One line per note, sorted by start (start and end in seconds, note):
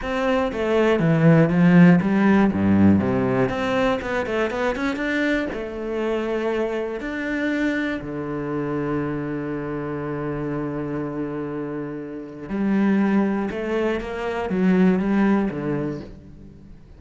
0.01 0.51 C4
0.52 0.99 A3
0.99 1.49 E3
1.49 1.99 F3
2.01 2.51 G3
2.52 2.99 G2
2.99 3.49 C3
3.49 3.99 C4
4.01 4.25 B3
4.25 4.50 A3
4.50 4.75 B3
4.75 4.95 C#4
4.95 5.45 D4
5.53 7.00 A3
7.00 8.00 D4
8.01 12.49 D3
12.49 13.49 G3
13.50 14.00 A3
14.00 14.49 A#3
14.49 14.99 F#3
14.99 15.49 G3
15.50 16.00 D3